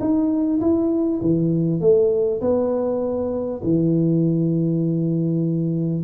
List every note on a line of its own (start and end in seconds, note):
0.00 0.60 D#4
0.60 1.20 E4
1.21 1.80 E3
1.80 2.40 A3
2.41 3.61 B3
3.63 6.03 E3